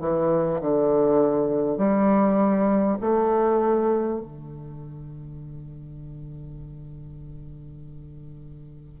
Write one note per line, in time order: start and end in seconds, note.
0.00 0.60 E3
0.60 1.77 D3
1.77 2.97 G3
3.00 4.20 A3
4.20 9.00 D3